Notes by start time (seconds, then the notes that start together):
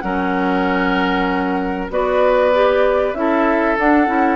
0.00 F#3 C#4 A#4 F#5
1.90 B3 F#4 B4 D5
2.53 G4
3.14 C#4 E4 A4 E5
3.77 D4 F#5
4.06 C#4 E4